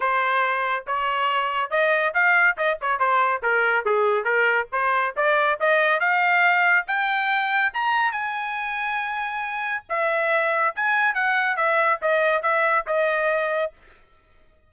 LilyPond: \new Staff \with { instrumentName = "trumpet" } { \time 4/4 \tempo 4 = 140 c''2 cis''2 | dis''4 f''4 dis''8 cis''8 c''4 | ais'4 gis'4 ais'4 c''4 | d''4 dis''4 f''2 |
g''2 ais''4 gis''4~ | gis''2. e''4~ | e''4 gis''4 fis''4 e''4 | dis''4 e''4 dis''2 | }